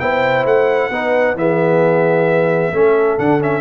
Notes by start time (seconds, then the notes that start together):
0.00 B3 E4 C5 G5
0.45 A3 F#5
0.90 B3 D#4 B4
1.35 E3 B3 G#4 E5
2.73 A3 C#4 A4
3.19 D3 D4 F#5
3.40 C#4 E5